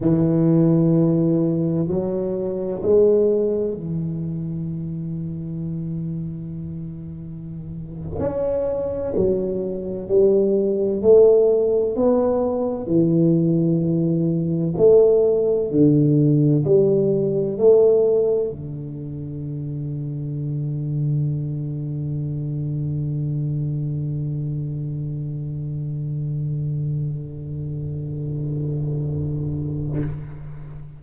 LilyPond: \new Staff \with { instrumentName = "tuba" } { \time 4/4 \tempo 4 = 64 e2 fis4 gis4 | e1~ | e8. cis'4 fis4 g4 a16~ | a8. b4 e2 a16~ |
a8. d4 g4 a4 d16~ | d1~ | d1~ | d1 | }